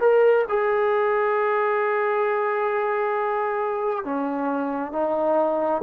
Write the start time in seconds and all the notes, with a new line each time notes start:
0.00 A#4
0.49 G#4
4.05 C#4
4.92 D#4